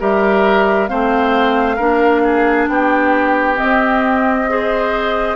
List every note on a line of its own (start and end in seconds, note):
0.00 0.91 G3
0.00 0.88 G4
0.00 0.90 A#4
0.00 0.88 E5
0.88 1.80 A3
0.88 1.78 C4
0.88 1.76 C5
0.88 2.67 F5
1.76 2.69 A#3
1.76 3.56 D4
1.76 2.21 A#4
2.24 2.69 G#4
2.69 3.58 B3
2.69 4.51 G4
2.69 3.58 G5
3.56 4.46 C4
3.56 5.36 D#5
3.63 5.36 C4
4.49 5.36 G#4
4.49 5.36 C5